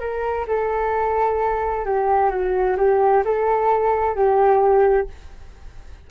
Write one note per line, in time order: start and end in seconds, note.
0.00 0.46 A#4
0.47 1.85 A4
1.85 2.31 G4
2.31 2.77 F#4
2.78 3.24 G4
3.25 4.16 A4
4.16 5.08 G4